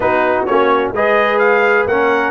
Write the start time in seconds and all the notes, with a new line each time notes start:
0.00 B3 D#4 F#4 B4
0.45 A#3 C#4 C#5
0.92 G#3 G#4 B4 D#5
1.39 F5
1.86 A#3 C#4 A#4 F#5